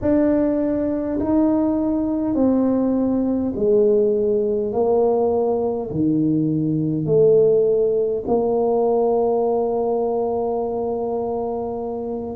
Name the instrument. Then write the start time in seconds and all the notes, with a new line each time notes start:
tuba
0.01 D4
1.19 D#4
2.35 C4
3.55 G#3
4.72 A#3
5.90 D#3
7.05 A3
8.27 A#3